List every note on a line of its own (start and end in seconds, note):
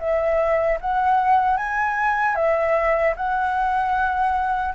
0.00 0.79 E5
0.81 1.57 F#5
1.57 2.36 G#5
2.36 3.15 E5
3.17 4.74 F#5